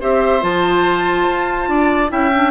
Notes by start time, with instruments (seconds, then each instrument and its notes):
0.00 bassoon C4, clarinet G4, oboe C5, flute E5
0.41 bassoon F3, clarinet F4, flute A5
1.27 bassoon F4
1.68 bassoon D4, oboe D5
2.09 bassoon C#4, clarinet E4, oboe E5, flute G5
2.35 clarinet D4